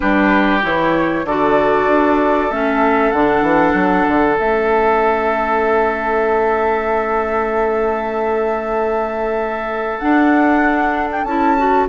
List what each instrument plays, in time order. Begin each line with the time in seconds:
0.00 bassoon G3, clarinet D4, oboe G4, flute B4
0.62 bassoon E3, clarinet E4, flute C#5
1.24 bassoon D3, clarinet F#4, oboe A4, flute D5
1.87 bassoon D4
2.50 bassoon A3, clarinet C#4, flute E5
3.11 bassoon D3, clarinet D4, flute F#5
3.41 bassoon E3
3.74 bassoon F#3
4.07 bassoon D3
4.36 bassoon A3, clarinet C#4, flute E5
9.99 clarinet D4, bassoon D4, flute F#5
11.11 flute G5
11.24 bassoon C#4, clarinet E4, flute A5
11.58 clarinet F#4